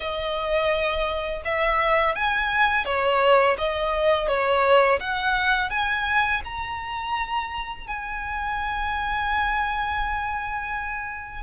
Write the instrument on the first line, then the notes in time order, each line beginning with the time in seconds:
violin
0.00 D#5
1.44 E5
2.15 G#5
2.85 C#5
3.58 D#5
4.28 C#5
4.99 F#5
5.69 G#5
6.44 A#5
7.87 G#5